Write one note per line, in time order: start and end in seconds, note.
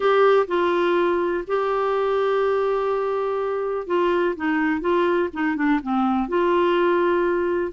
0.00 0.46 G4
0.47 1.44 F4
1.47 3.86 G4
3.86 4.35 F4
4.36 4.80 D#4
4.80 5.29 F4
5.33 5.56 D#4
5.56 5.80 D4
5.82 6.28 C4
6.28 7.72 F4